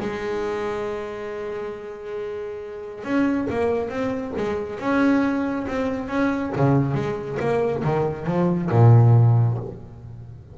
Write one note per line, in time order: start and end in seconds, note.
0.00 3.04 G#3
3.04 3.47 C#4
3.50 3.89 A#3
3.89 4.33 C4
4.37 4.79 G#3
4.79 5.66 C#4
5.67 6.08 C4
6.08 6.52 C#4
6.56 6.94 C#3
6.94 7.38 G#3
7.40 7.83 A#3
7.84 8.26 D#3
8.26 8.70 F3
8.71 9.58 A#2